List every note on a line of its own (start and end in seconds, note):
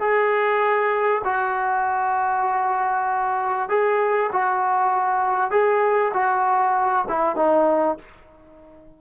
0.00 1.22 G#4
1.25 3.69 F#4
3.69 4.31 G#4
4.32 5.51 F#4
5.51 6.13 G#4
6.14 7.06 F#4
7.09 7.36 E4
7.36 7.97 D#4